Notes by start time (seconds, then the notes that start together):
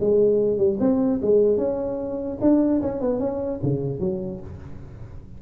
0.00 G#3
0.57 G3
0.80 C4
1.22 G#3
1.57 C#4
2.41 D4
2.81 C#4
3.01 B3
3.19 C#4
3.63 C#3
4.00 F#3